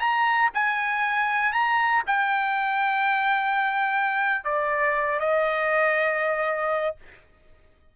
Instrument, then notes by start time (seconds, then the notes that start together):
trumpet
0.00 A#5
0.54 G#5
1.53 A#5
2.07 G5
4.45 D5
5.20 D#5